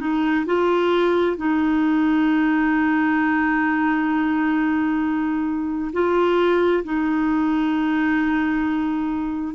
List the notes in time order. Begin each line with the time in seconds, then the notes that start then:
0.00 D#4
0.46 F4
1.37 D#4
5.93 F4
6.84 D#4